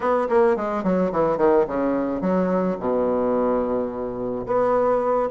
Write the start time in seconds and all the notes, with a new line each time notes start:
0.00 B3
0.29 A#3
0.56 G#3
0.83 F#3
1.12 E3
1.37 D#3
1.67 C#3
2.21 F#3
2.79 B2
4.46 B3